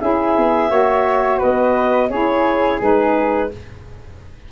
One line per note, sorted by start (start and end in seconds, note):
0.00 0.36 C#4
0.00 0.69 E4
0.00 0.70 G#4
0.00 1.40 E5
0.36 0.70 B3
0.69 1.40 A#3
0.69 2.08 F#4
0.69 1.38 C#5
1.38 2.10 B3
1.38 2.08 B4
1.38 2.10 D#5
2.10 2.79 C#4
2.10 2.80 E4
2.10 3.49 G#4
2.10 2.79 C#5
2.80 3.50 G#3
2.80 3.50 D#4
2.80 3.51 B4